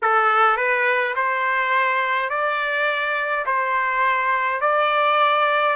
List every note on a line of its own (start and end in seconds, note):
0.02 0.56 A4
0.56 1.14 B4
1.15 2.29 C5
2.29 3.45 D5
3.46 4.60 C5
4.60 5.76 D5